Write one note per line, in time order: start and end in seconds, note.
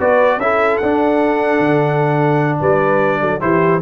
0.00 0.38 B3
0.00 0.41 F#4
0.00 0.40 B4
0.00 0.40 D5
0.38 0.78 C#4
0.38 0.83 E4
0.38 2.60 A4
0.38 0.78 E5
0.78 1.60 D4
0.78 3.41 D4
0.78 2.59 F#5
1.60 2.61 D3
2.60 3.22 G3
2.60 3.21 B4
2.60 3.41 D5
3.21 3.42 F#3
3.21 3.41 A4
3.41 3.82 E3
3.41 3.81 E4
3.41 3.82 G4
3.41 3.81 C5